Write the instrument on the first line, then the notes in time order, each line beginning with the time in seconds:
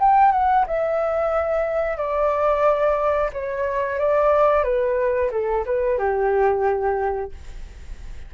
flute
0.00 G5
0.32 F#5
0.67 E5
1.97 D5
3.33 C#5
3.99 D5
4.64 B4
5.32 A4
5.66 B4
5.99 G4